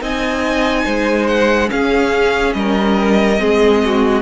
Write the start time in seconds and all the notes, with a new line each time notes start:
0.00 C4 D#4 D#5 G#5
0.84 G#3 C5
1.27 F#5
1.67 C#4 G#4 F5
2.53 G3 A#4 D#5
3.38 G#3 C4 G#4
3.85 F#4